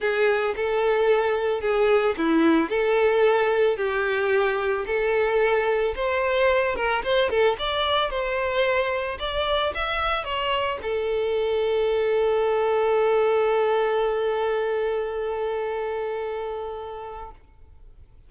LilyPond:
\new Staff \with { instrumentName = "violin" } { \time 4/4 \tempo 4 = 111 gis'4 a'2 gis'4 | e'4 a'2 g'4~ | g'4 a'2 c''4~ | c''8 ais'8 c''8 a'8 d''4 c''4~ |
c''4 d''4 e''4 cis''4 | a'1~ | a'1~ | a'1 | }